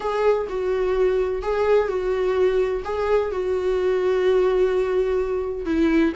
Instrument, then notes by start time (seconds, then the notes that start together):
viola
0.00 G#4
0.49 F#4
1.42 G#4
1.88 F#4
2.84 G#4
3.31 F#4
5.65 E4